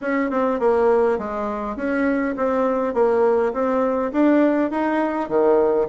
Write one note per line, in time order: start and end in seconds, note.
0.01 0.30 C#4
0.30 0.59 C4
0.59 1.18 A#3
1.18 1.76 G#3
1.76 2.35 C#4
2.36 2.94 C4
2.94 3.52 A#3
3.53 4.12 C4
4.12 4.70 D4
4.70 5.29 D#4
5.29 5.87 D#3